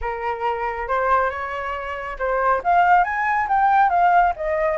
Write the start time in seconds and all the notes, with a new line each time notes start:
0.01 A#4
0.88 C5
1.29 C#5
2.18 C5
2.63 F5
3.04 G#5
3.48 G5
3.89 F5
4.36 D#5